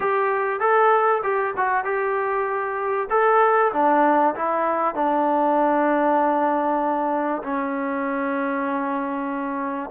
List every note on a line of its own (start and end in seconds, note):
0.00 0.60 G4
0.60 1.21 A4
1.23 1.54 G4
1.56 1.84 F#4
1.84 3.08 G4
3.10 3.71 A4
3.73 4.34 D4
4.35 4.95 E4
4.95 7.42 D4
7.42 9.90 C#4